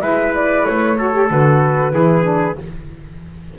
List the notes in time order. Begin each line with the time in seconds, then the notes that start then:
0.00 G#3 E4 B4 E5
0.34 D5
0.66 A3 C#5
0.98 F#4 A4
1.12 G4
1.30 D3 F#4 B4
1.92 E3 E4 G#4
2.23 D4